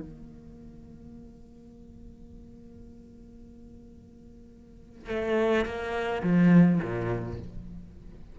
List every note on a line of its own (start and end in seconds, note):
0.00 5.09 A#3
5.09 5.65 A3
5.65 6.22 A#3
6.23 6.79 F3
6.82 7.38 A#2